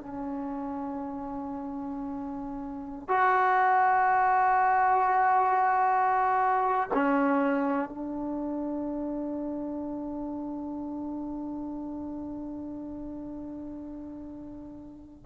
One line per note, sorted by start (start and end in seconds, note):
0.00 3.08 C#4
3.08 6.89 F#4
6.94 7.88 C#4
7.88 15.25 D4